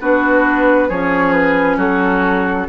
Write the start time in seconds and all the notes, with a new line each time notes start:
0.00 B3 D4 F#4 B4
0.88 F3 C#4 G#4 C#5
1.32 B4
1.76 F#3 F#4 A4